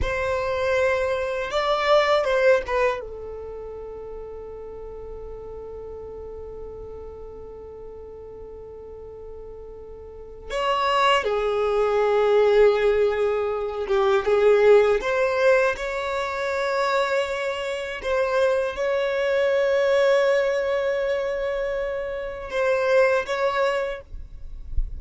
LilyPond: \new Staff \with { instrumentName = "violin" } { \time 4/4 \tempo 4 = 80 c''2 d''4 c''8 b'8 | a'1~ | a'1~ | a'2 cis''4 gis'4~ |
gis'2~ gis'8 g'8 gis'4 | c''4 cis''2. | c''4 cis''2.~ | cis''2 c''4 cis''4 | }